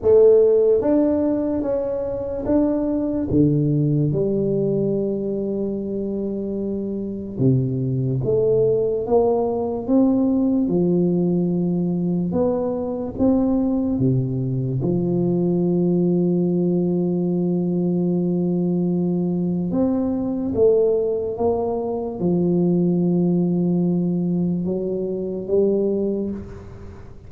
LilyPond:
\new Staff \with { instrumentName = "tuba" } { \time 4/4 \tempo 4 = 73 a4 d'4 cis'4 d'4 | d4 g2.~ | g4 c4 a4 ais4 | c'4 f2 b4 |
c'4 c4 f2~ | f1 | c'4 a4 ais4 f4~ | f2 fis4 g4 | }